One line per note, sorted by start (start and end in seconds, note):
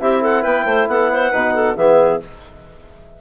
0.00 0.44 C4
0.00 1.32 E4
0.00 0.21 G4
0.00 0.22 E5
0.21 0.42 A4
0.21 0.43 F#5
0.42 0.65 B3
0.42 0.64 B4
0.42 0.87 G5
0.65 0.87 A3
0.65 0.88 C5
0.87 1.31 B3
0.87 1.12 A4
0.87 1.76 F#5
1.12 1.31 C5
1.31 1.76 B2
1.31 1.76 D#4
1.31 1.53 B4
1.54 1.76 A4
1.76 2.20 E3
1.76 2.20 B3
1.76 2.20 G#4
1.76 2.20 E5